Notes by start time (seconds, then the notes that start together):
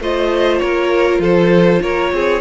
0.00 A3 F4 C5 D#5
0.58 A#3 A#4 C#5
1.19 F3 A4 C5
1.82 A#3 A#4 C#5
2.13 C4 G#4